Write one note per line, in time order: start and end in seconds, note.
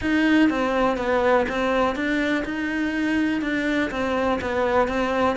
0.01 0.49 D#4
0.49 0.97 C4
0.97 1.45 B3
1.48 1.95 C4
1.95 2.44 D4
2.45 3.41 D#4
3.41 3.90 D4
3.90 4.39 C4
4.41 4.88 B3
4.88 5.36 C4